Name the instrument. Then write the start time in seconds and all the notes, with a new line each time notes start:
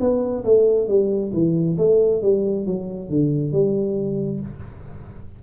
tuba
0.00 B3
0.45 A3
0.88 G3
1.33 E3
1.78 A3
2.22 G3
2.66 F#3
3.09 D3
3.52 G3